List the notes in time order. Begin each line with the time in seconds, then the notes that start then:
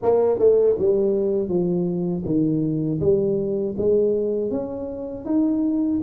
0.02 A#3
0.39 A3
0.78 G3
1.48 F3
2.25 D#3
3.00 G3
3.77 G#3
4.50 C#4
5.25 D#4